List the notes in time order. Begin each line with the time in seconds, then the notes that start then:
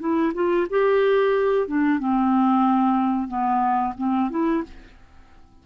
0.00 E4
0.34 F4
0.70 G4
1.68 D4
1.99 C4
3.28 B3
3.97 C4
4.30 E4